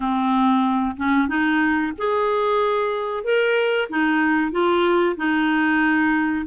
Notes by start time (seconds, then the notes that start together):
0.00 C4
0.96 C#4
1.27 D#4
1.98 G#4
3.24 A#4
3.89 D#4
4.51 F4
5.16 D#4